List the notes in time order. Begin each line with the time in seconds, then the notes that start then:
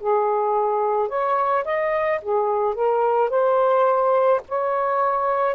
0.00 G#4
1.09 C#5
1.65 D#5
2.21 G#4
2.74 A#4
3.30 C5
4.48 C#5